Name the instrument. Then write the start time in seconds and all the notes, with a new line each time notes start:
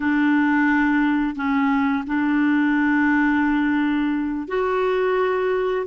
clarinet
0.00 D4
1.35 C#4
2.07 D4
4.48 F#4